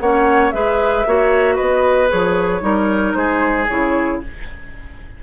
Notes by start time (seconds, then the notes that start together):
0.00 A#3 C#4 C#5 F#5
0.51 G#3 G#4 B4 E5
1.06 A#3 F#4 C#5
1.55 B3 B4 D#5
2.08 F3 G#4 C#5
2.60 G3 D#4 A#4
3.14 G#3 G#4 C5
3.68 C#3 E4 C#5